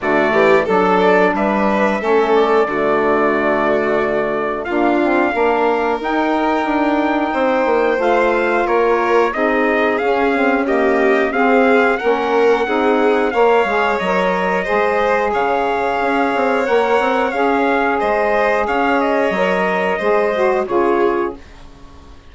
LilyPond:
<<
  \new Staff \with { instrumentName = "trumpet" } { \time 4/4 \tempo 4 = 90 d''4 a'8 d''8 e''4. d''8~ | d''2. f''4~ | f''4 g''2. | f''4 cis''4 dis''4 f''4 |
dis''4 f''4 fis''2 | f''4 dis''2 f''4~ | f''4 fis''4 f''4 dis''4 | f''8 dis''2~ dis''8 cis''4 | }
  \new Staff \with { instrumentName = "violin" } { \time 4/4 fis'8 g'8 a'4 b'4 a'4 | fis'2. f'4 | ais'2. c''4~ | c''4 ais'4 gis'2 |
g'4 gis'4 ais'4 gis'4 | cis''2 c''4 cis''4~ | cis''2. c''4 | cis''2 c''4 gis'4 | }
  \new Staff \with { instrumentName = "saxophone" } { \time 4/4 a4 d'2 cis'4 | a2. ais8 c'8 | d'4 dis'2. | f'2 dis'4 cis'8 c'8 |
ais4 c'4 cis'4 dis'4 | ais'8 gis'8 ais'4 gis'2~ | gis'4 ais'4 gis'2~ | gis'4 ais'4 gis'8 fis'8 f'4 | }
  \new Staff \with { instrumentName = "bassoon" } { \time 4/4 d8 e8 fis4 g4 a4 | d2. d'4 | ais4 dis'4 d'4 c'8 ais8 | a4 ais4 c'4 cis'4~ |
cis'4 c'4 ais4 c'4 | ais8 gis8 fis4 gis4 cis4 | cis'8 c'8 ais8 c'8 cis'4 gis4 | cis'4 fis4 gis4 cis4 | }
>>